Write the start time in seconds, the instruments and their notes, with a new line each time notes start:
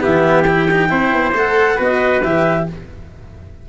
0.00 tuba E3, cello B3, trumpet G4, clarinet E5
0.43 cello E4, clarinet G5
0.71 cello D#4
0.89 tuba C4, cello E4, trumpet C5
1.12 tuba B3
1.34 tuba A3, cello A4, clarinet F#5
1.76 tuba B3, cello F#4, trumpet B4, clarinet D#5
2.23 tuba E3, cello G4, clarinet E5